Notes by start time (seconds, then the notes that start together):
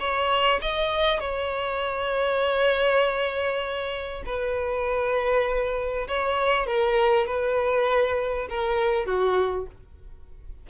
0.00 C#5
0.62 D#5
1.20 C#5
4.26 B4
6.08 C#5
6.67 A#4
7.27 B4
8.50 A#4
9.06 F#4